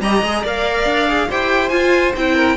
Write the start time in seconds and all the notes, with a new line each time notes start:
0.00 G3 G4 D#5 A#5
0.22 G#3 G#4
0.42 A#3 A#4 D5 F5
0.85 D4
1.08 G#4
1.29 E4 G4 C5 G5
1.69 F4 G#5
2.15 C4 E4 G5
2.35 A#4